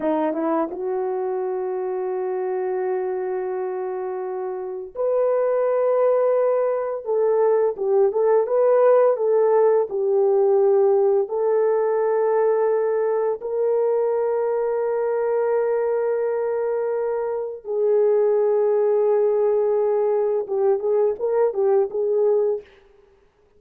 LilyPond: \new Staff \with { instrumentName = "horn" } { \time 4/4 \tempo 4 = 85 dis'8 e'8 fis'2.~ | fis'2. b'4~ | b'2 a'4 g'8 a'8 | b'4 a'4 g'2 |
a'2. ais'4~ | ais'1~ | ais'4 gis'2.~ | gis'4 g'8 gis'8 ais'8 g'8 gis'4 | }